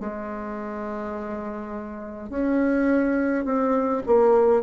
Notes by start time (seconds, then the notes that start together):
0.00 G#3
2.29 C#4
3.45 C4
4.06 A#3